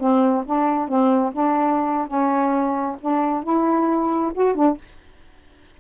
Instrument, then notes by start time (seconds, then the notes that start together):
saxophone
0.00 C4
0.46 D4
0.88 C4
1.34 D4
2.08 C#4
3.01 D4
3.44 E4
4.35 F#4
4.55 D4